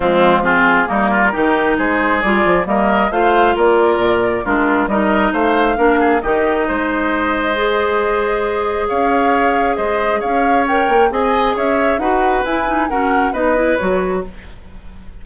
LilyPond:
<<
  \new Staff \with { instrumentName = "flute" } { \time 4/4 \tempo 4 = 135 f'4 gis'4 ais'2 | c''4 d''4 dis''4 f''4 | d''2 ais'4 dis''4 | f''2 dis''2~ |
dis''1 | f''2 dis''4 f''4 | g''4 gis''4 e''4 fis''4 | gis''4 fis''4 dis''4 cis''4 | }
  \new Staff \with { instrumentName = "oboe" } { \time 4/4 c'4 f'4 dis'8 f'8 g'4 | gis'2 ais'4 c''4 | ais'2 f'4 ais'4 | c''4 ais'8 gis'8 g'4 c''4~ |
c''1 | cis''2 c''4 cis''4~ | cis''4 dis''4 cis''4 b'4~ | b'4 ais'4 b'2 | }
  \new Staff \with { instrumentName = "clarinet" } { \time 4/4 gis4 c'4 ais4 dis'4~ | dis'4 f'4 ais4 f'4~ | f'2 d'4 dis'4~ | dis'4 d'4 dis'2~ |
dis'4 gis'2.~ | gis'1 | ais'4 gis'2 fis'4 | e'8 dis'8 cis'4 dis'8 e'8 fis'4 | }
  \new Staff \with { instrumentName = "bassoon" } { \time 4/4 f2 g4 dis4 | gis4 g8 f8 g4 a4 | ais4 ais,4 gis4 g4 | a4 ais4 dis4 gis4~ |
gis1 | cis'2 gis4 cis'4~ | cis'8 ais8 c'4 cis'4 dis'4 | e'4 fis'4 b4 fis4 | }
>>